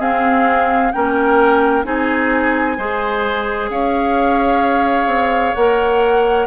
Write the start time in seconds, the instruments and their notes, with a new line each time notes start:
0.00 clarinet C4, bassoon C4, oboe G#4, flute F5
0.92 bassoon A#3, clarinet C#4, oboe A#4, flute G5
1.85 bassoon C4, clarinet D#4, oboe G#4, flute G#5
2.78 bassoon G#3, clarinet G#4, oboe C5
3.70 bassoon C#4, oboe C#5, flute F5
5.07 bassoon C4
5.55 bassoon A#3, clarinet A#4, flute F#5